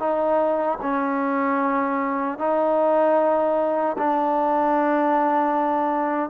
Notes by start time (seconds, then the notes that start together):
0.00 D#4
0.82 C#4
2.39 D#4
3.99 D4